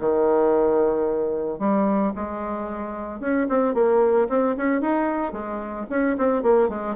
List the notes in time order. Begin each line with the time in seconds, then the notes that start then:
0.00 D#3
1.59 G3
2.16 G#3
3.20 C#4
3.49 C4
3.75 A#3
4.29 C4
4.57 C#4
4.81 D#4
5.33 G#3
5.90 C#4
6.18 C4
6.43 A#3
6.69 G#3